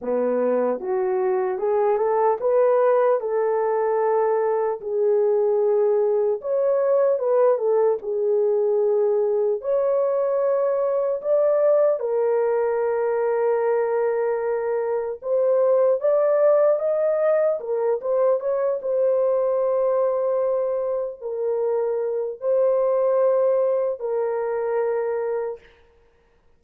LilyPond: \new Staff \with { instrumentName = "horn" } { \time 4/4 \tempo 4 = 75 b4 fis'4 gis'8 a'8 b'4 | a'2 gis'2 | cis''4 b'8 a'8 gis'2 | cis''2 d''4 ais'4~ |
ais'2. c''4 | d''4 dis''4 ais'8 c''8 cis''8 c''8~ | c''2~ c''8 ais'4. | c''2 ais'2 | }